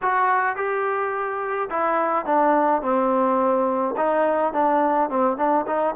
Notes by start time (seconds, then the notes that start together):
0.02 F#4
0.56 G4
1.70 E4
2.25 D4
2.81 C4
3.96 D#4
4.53 D4
5.09 C4
5.37 D4
5.66 D#4